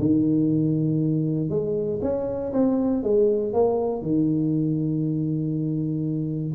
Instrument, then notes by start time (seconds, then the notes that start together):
tuba
0.00 D#3
1.50 G#3
2.02 C#4
2.53 C4
3.03 G#3
3.53 A#3
4.02 D#3